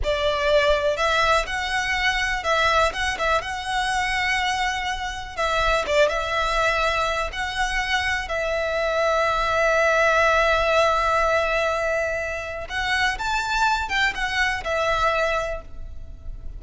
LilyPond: \new Staff \with { instrumentName = "violin" } { \time 4/4 \tempo 4 = 123 d''2 e''4 fis''4~ | fis''4 e''4 fis''8 e''8 fis''4~ | fis''2. e''4 | d''8 e''2~ e''8 fis''4~ |
fis''4 e''2.~ | e''1~ | e''2 fis''4 a''4~ | a''8 g''8 fis''4 e''2 | }